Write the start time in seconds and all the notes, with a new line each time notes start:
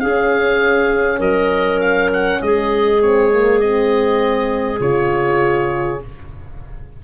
0.00 C#4 G#4 F5
1.19 F#3 A#4 D#5
1.81 F5
2.13 F#5
2.42 G#3 G#4 D#5
3.02 C4 C#5
3.32 A#3
3.60 C4 D#5
4.80 C#3 F4 C#5